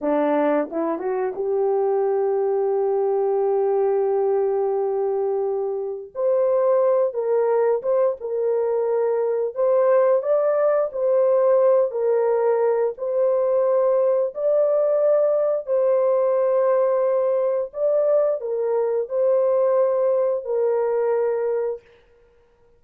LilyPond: \new Staff \with { instrumentName = "horn" } { \time 4/4 \tempo 4 = 88 d'4 e'8 fis'8 g'2~ | g'1~ | g'4 c''4. ais'4 c''8 | ais'2 c''4 d''4 |
c''4. ais'4. c''4~ | c''4 d''2 c''4~ | c''2 d''4 ais'4 | c''2 ais'2 | }